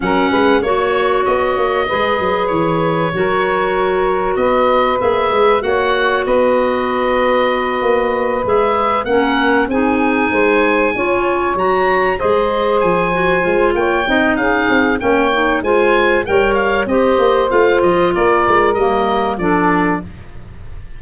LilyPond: <<
  \new Staff \with { instrumentName = "oboe" } { \time 4/4 \tempo 4 = 96 fis''4 cis''4 dis''2 | cis''2. dis''4 | e''4 fis''4 dis''2~ | dis''4. e''4 fis''4 gis''8~ |
gis''2~ gis''8 ais''4 dis''8~ | dis''8 gis''4. g''4 f''4 | g''4 gis''4 g''8 f''8 dis''4 | f''8 dis''8 d''4 dis''4 d''4 | }
  \new Staff \with { instrumentName = "saxophone" } { \time 4/4 ais'8 b'8 cis''2 b'4~ | b'4 ais'2 b'4~ | b'4 cis''4 b'2~ | b'2~ b'8 ais'4 gis'8~ |
gis'8 c''4 cis''2 c''8~ | c''2 cis''8 dis''8 gis'4 | cis''4 c''4 cis''4 c''4~ | c''4 ais'2 a'4 | }
  \new Staff \with { instrumentName = "clarinet" } { \time 4/4 cis'4 fis'2 gis'4~ | gis'4 fis'2. | gis'4 fis'2.~ | fis'4. gis'4 cis'4 dis'8~ |
dis'4. f'4 fis'4 gis'8~ | gis'4 fis'8 f'4 dis'4. | cis'8 dis'8 f'4 ais'4 g'4 | f'2 ais4 d'4 | }
  \new Staff \with { instrumentName = "tuba" } { \time 4/4 fis8 gis8 ais4 b8 ais8 gis8 fis8 | e4 fis2 b4 | ais8 gis8 ais4 b2~ | b8 ais4 gis4 ais4 c'8~ |
c'8 gis4 cis'4 fis4 gis8~ | gis8 f4 gis8 ais8 c'8 cis'8 c'8 | ais4 gis4 g4 c'8 ais8 | a8 f8 ais8 gis8 g4 f4 | }
>>